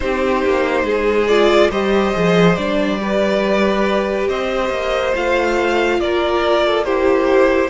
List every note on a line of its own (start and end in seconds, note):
0.00 0.45 C4
0.00 1.27 D#4
0.00 0.85 G4
0.00 1.27 C5
0.45 0.83 A#3
0.83 1.68 G#3
0.83 1.70 G#4
1.27 1.71 F4
1.27 1.70 D5
1.70 2.13 G3
1.70 2.13 G4
1.70 2.99 C5
1.70 2.56 D#5
2.13 2.57 F3
2.13 2.56 G#4
2.56 4.28 G3
2.56 3.00 D4
2.56 4.27 D5
3.01 5.14 G4
3.01 4.28 B4
4.28 4.69 C4
4.28 6.00 C5
4.28 5.14 D#5
4.69 5.12 A#3
5.14 5.99 A3
5.14 6.85 F4
5.14 5.99 F5
5.99 7.70 A#3
5.99 6.66 A#4
5.99 6.84 D5
6.66 6.85 A4
6.84 7.70 E4
6.84 7.70 G4
6.84 7.70 C5